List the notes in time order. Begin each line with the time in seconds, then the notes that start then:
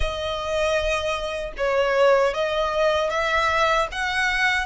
0.00 D#5
1.57 C#5
2.34 D#5
3.10 E5
3.91 F#5